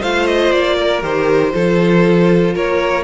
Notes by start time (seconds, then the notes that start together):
0.00 A3 F4 C5 F5
0.26 D#5
0.52 A#3 D5
0.76 A#4
1.01 D#3 G4 C5
1.51 F3 F4 A4
2.54 A#3 A#4 C#5